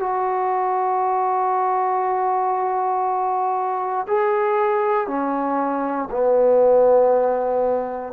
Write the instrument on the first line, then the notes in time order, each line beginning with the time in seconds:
trombone
0.00 F#4
4.08 G#4
5.08 C#4
6.12 B3